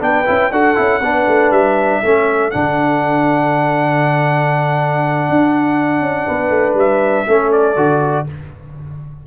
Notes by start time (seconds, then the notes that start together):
0.00 B3 D4 B4 G5
0.26 C#4 E4
0.51 D4 F#4 A4 F#5
0.75 C#4 E4
1.01 B3 D4 B4
1.28 A3
1.51 G3 E5
2.02 A3 C#4 A4
2.51 D3 D4 F#5
5.29 D4
6.00 C#4
6.26 B3 B4
6.50 A3
6.74 G3 E5
7.27 A3 C#4 A4
7.52 D5
7.76 D3 F#4